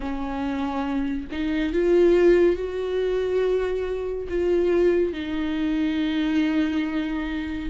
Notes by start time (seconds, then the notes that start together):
0.00 C#4
1.31 D#4
1.72 F4
2.56 F#4
4.29 F4
5.12 D#4